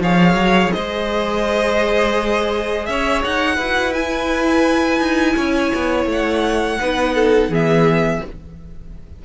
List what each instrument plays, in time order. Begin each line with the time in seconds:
0.00 cello F3, viola G#4, violin C#5 F5
0.33 cello F#3
0.72 cello G#3, violin C5 D#5
2.86 cello C#4, violin C#5 E5
3.24 cello D#4, violin F#5
3.55 cello E4, viola F#4, violin B4
3.93 viola E4, violin G#5
4.99 cello D#4
5.36 cello C#4, violin C#5
5.74 cello B3
6.06 cello A3, violin F#5
6.80 cello B3, viola D#4, violin B4
7.14 violin A4
7.49 cello E3, viola B3, violin G#4 E5